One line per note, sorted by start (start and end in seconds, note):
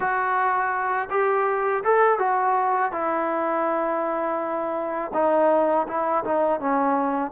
0.00 1.08 F#4
1.10 1.83 G4
1.84 2.19 A4
2.19 2.92 F#4
2.92 5.11 E4
5.13 5.86 D#4
5.87 6.24 E4
6.24 6.60 D#4
6.60 7.31 C#4